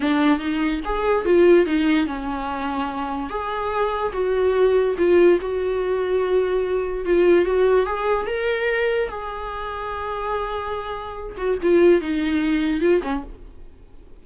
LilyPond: \new Staff \with { instrumentName = "viola" } { \time 4/4 \tempo 4 = 145 d'4 dis'4 gis'4 f'4 | dis'4 cis'2. | gis'2 fis'2 | f'4 fis'2.~ |
fis'4 f'4 fis'4 gis'4 | ais'2 gis'2~ | gis'2.~ gis'8 fis'8 | f'4 dis'2 f'8 cis'8 | }